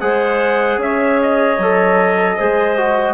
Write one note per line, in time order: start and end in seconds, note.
0.00 0.77 G#3
0.00 1.58 G#4
0.00 0.80 C5
0.00 0.79 F#5
0.77 1.56 C#4
0.77 2.36 C#5
0.77 1.21 E5
1.22 3.14 D#5
1.58 2.37 F#3
1.58 2.39 A4
2.36 3.14 G#3
2.36 2.77 G#4
2.36 3.14 C5
2.77 3.14 F#4